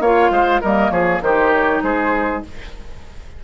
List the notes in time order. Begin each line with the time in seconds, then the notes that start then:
0.00 A#3 F4 C#5 F5
0.30 G#3 C5
0.61 G3 A#3 A#4 D#5
0.90 F3 G#4 C#5
1.21 D#3 D#4 G4 C5
1.52 C#5
1.82 G#3 G#4 C5